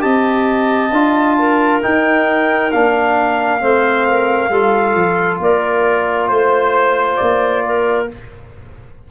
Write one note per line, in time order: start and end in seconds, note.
0.00 0.91 C4
0.00 0.90 G4
0.00 1.37 D#5
0.00 1.81 A5
0.91 1.81 D4
0.91 1.82 F4
1.38 3.62 A#4
1.82 2.71 D#4
1.82 2.74 D#4
1.82 2.72 G5
2.72 3.62 A#3
2.72 3.61 D4
2.72 5.40 F5
3.61 4.50 A3
3.61 4.50 C4
3.61 4.07 C5
4.08 4.50 A#4
4.50 4.95 G3
4.50 8.09 F4
4.50 5.40 A4
4.95 5.39 F3
5.40 6.29 A#3
5.40 6.29 A#4
5.40 6.28 D5
6.28 7.19 A3
6.28 7.17 C5
6.28 7.63 C5
7.17 8.11 A#3
7.17 8.06 D5
7.65 8.10 A#4